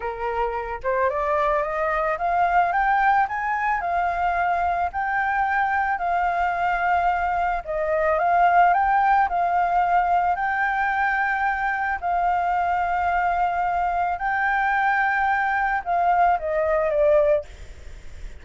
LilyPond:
\new Staff \with { instrumentName = "flute" } { \time 4/4 \tempo 4 = 110 ais'4. c''8 d''4 dis''4 | f''4 g''4 gis''4 f''4~ | f''4 g''2 f''4~ | f''2 dis''4 f''4 |
g''4 f''2 g''4~ | g''2 f''2~ | f''2 g''2~ | g''4 f''4 dis''4 d''4 | }